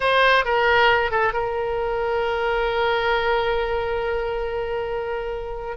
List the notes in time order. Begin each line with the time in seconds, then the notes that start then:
0.00 C5
0.44 A#4
1.11 A4
1.33 A#4